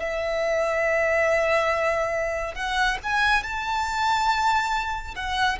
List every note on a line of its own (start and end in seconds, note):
0.00 2.55 E5
2.55 2.98 F#5
3.04 3.44 G#5
3.44 5.15 A5
5.16 5.59 F#5